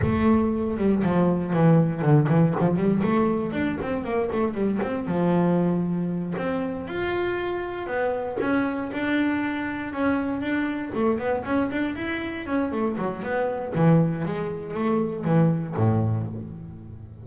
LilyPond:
\new Staff \with { instrumentName = "double bass" } { \time 4/4 \tempo 4 = 118 a4. g8 f4 e4 | d8 e8 f8 g8 a4 d'8 c'8 | ais8 a8 g8 c'8 f2~ | f8 c'4 f'2 b8~ |
b8 cis'4 d'2 cis'8~ | cis'8 d'4 a8 b8 cis'8 d'8 e'8~ | e'8 cis'8 a8 fis8 b4 e4 | gis4 a4 e4 a,4 | }